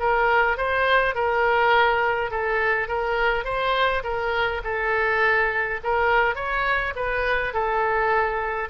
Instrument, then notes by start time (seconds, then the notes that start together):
oboe
0.00 A#4
0.57 C5
1.15 A#4
2.31 A4
2.88 A#4
3.45 C5
4.04 A#4
4.64 A4
5.84 A#4
6.36 C#5
6.96 B4
7.54 A4